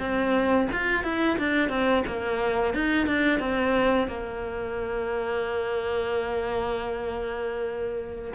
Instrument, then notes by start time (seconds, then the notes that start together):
cello
0.00 C4
0.72 F4
1.04 E4
1.38 D4
1.70 C4
2.07 A#3
2.74 D#4
3.07 D4
3.40 C4
4.08 A#3